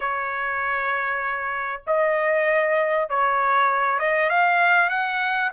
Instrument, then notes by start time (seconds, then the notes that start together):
trumpet
0.00 C#5
1.86 D#5
3.09 C#5
3.99 D#5
4.29 F5
4.89 F#5